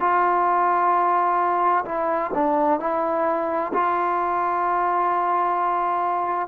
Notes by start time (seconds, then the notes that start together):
0.00 F4
1.85 E4
2.34 D4
2.80 E4
3.73 F4